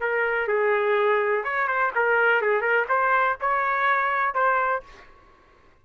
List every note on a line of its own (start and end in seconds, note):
0.00 0.47 A#4
0.47 1.44 G#4
1.44 1.67 C#5
1.67 1.92 C5
1.95 2.41 A#4
2.41 2.61 G#4
2.61 2.85 A#4
2.89 3.37 C5
3.41 4.34 C#5
4.34 4.83 C5